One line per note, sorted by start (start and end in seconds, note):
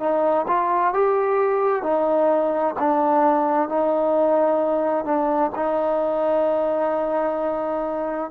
0.00 0.46 D#4
0.48 0.94 F4
0.94 1.83 G4
1.83 2.75 D#4
2.79 3.69 D4
3.69 5.05 D#4
5.05 5.51 D4
5.56 8.31 D#4